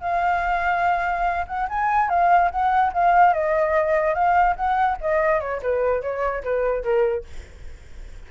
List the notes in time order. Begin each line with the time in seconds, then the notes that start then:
0.00 F5
1.47 F#5
1.68 G#5
2.09 F5
2.50 F#5
2.93 F5
3.33 D#5
4.14 F5
4.56 F#5
5.01 D#5
5.40 C#5
5.62 B4
6.01 C#5
6.43 B4
6.83 A#4